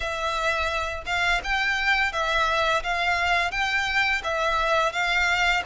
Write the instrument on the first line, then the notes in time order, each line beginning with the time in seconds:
violin
0.00 E5
1.06 F5
1.43 G5
2.12 E5
2.83 F5
3.51 G5
4.24 E5
4.92 F5